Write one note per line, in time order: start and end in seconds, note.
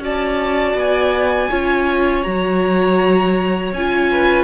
0.00 0.74 C#4
0.00 1.50 F#4
0.00 1.51 D5
0.00 0.78 A5
0.75 1.49 B3
0.75 2.23 G#5
1.51 2.26 C#4
1.51 2.24 F4
1.51 4.10 C#5
2.23 3.73 F#3
2.23 3.72 F#4
2.23 3.72 A#5
3.73 4.45 C#4
3.73 4.45 F4
3.73 4.45 G#5
4.12 4.45 B4